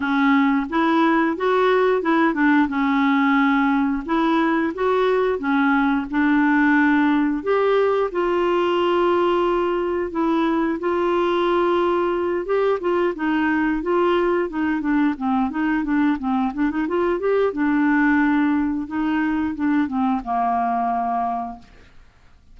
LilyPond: \new Staff \with { instrumentName = "clarinet" } { \time 4/4 \tempo 4 = 89 cis'4 e'4 fis'4 e'8 d'8 | cis'2 e'4 fis'4 | cis'4 d'2 g'4 | f'2. e'4 |
f'2~ f'8 g'8 f'8 dis'8~ | dis'8 f'4 dis'8 d'8 c'8 dis'8 d'8 | c'8 d'16 dis'16 f'8 g'8 d'2 | dis'4 d'8 c'8 ais2 | }